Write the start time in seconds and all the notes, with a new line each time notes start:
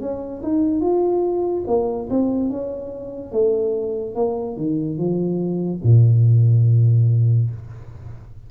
0.00 C#4
0.43 D#4
0.81 F4
1.67 A#3
2.09 C4
2.50 C#4
3.32 A3
4.15 A#3
4.56 D#3
4.98 F3
5.83 A#2